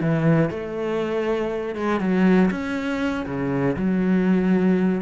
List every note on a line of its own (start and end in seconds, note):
0.00 0.50 E3
0.50 1.75 A3
1.75 2.00 G#3
2.00 2.50 F#3
2.50 3.25 C#4
3.26 3.76 C#3
3.76 5.01 F#3